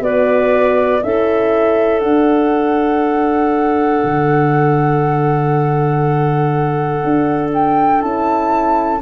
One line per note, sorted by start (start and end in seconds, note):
0.00 1.00 B3
0.00 1.02 F#4
0.00 1.02 B4
0.00 1.02 D5
1.02 2.02 C#4
1.02 2.02 E4
1.02 9.01 A4
1.02 2.00 E5
2.00 4.03 D4
2.00 8.00 D4
2.00 7.50 F#5
4.04 7.04 D3
7.04 8.02 D4
7.53 8.01 G5
8.00 9.01 C#4
8.00 9.00 E4
8.00 9.01 A5